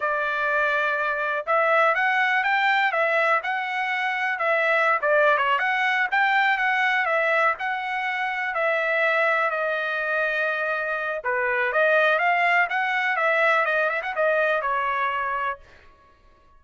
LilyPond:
\new Staff \with { instrumentName = "trumpet" } { \time 4/4 \tempo 4 = 123 d''2. e''4 | fis''4 g''4 e''4 fis''4~ | fis''4 e''4~ e''16 d''8. cis''8 fis''8~ | fis''8 g''4 fis''4 e''4 fis''8~ |
fis''4. e''2 dis''8~ | dis''2. b'4 | dis''4 f''4 fis''4 e''4 | dis''8 e''16 fis''16 dis''4 cis''2 | }